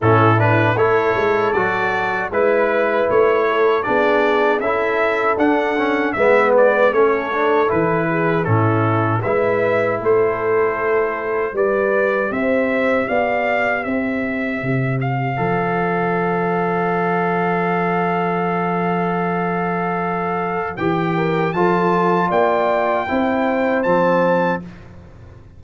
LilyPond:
<<
  \new Staff \with { instrumentName = "trumpet" } { \time 4/4 \tempo 4 = 78 a'8 b'8 cis''4 d''4 b'4 | cis''4 d''4 e''4 fis''4 | e''8 d''8 cis''4 b'4 a'4 | e''4 c''2 d''4 |
e''4 f''4 e''4. f''8~ | f''1~ | f''2. g''4 | a''4 g''2 a''4 | }
  \new Staff \with { instrumentName = "horn" } { \time 4/4 e'4 a'2 b'4~ | b'8 a'8 gis'4 a'2 | b'4 a'4. gis'8 e'4 | b'4 a'2 b'4 |
c''4 d''4 c''2~ | c''1~ | c''2.~ c''8 ais'8 | a'4 d''4 c''2 | }
  \new Staff \with { instrumentName = "trombone" } { \time 4/4 cis'8 d'8 e'4 fis'4 e'4~ | e'4 d'4 e'4 d'8 cis'8 | b4 cis'8 d'8 e'4 cis'4 | e'2. g'4~ |
g'1 | a'1~ | a'2. g'4 | f'2 e'4 c'4 | }
  \new Staff \with { instrumentName = "tuba" } { \time 4/4 a,4 a8 gis8 fis4 gis4 | a4 b4 cis'4 d'4 | gis4 a4 e4 a,4 | gis4 a2 g4 |
c'4 b4 c'4 c4 | f1~ | f2. e4 | f4 ais4 c'4 f4 | }
>>